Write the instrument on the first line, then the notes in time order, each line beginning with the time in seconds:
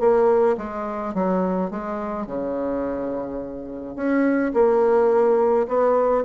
bassoon
0.00 A#3
0.58 G#3
1.14 F#3
1.71 G#3
2.27 C#3
3.96 C#4
4.54 A#3
5.68 B3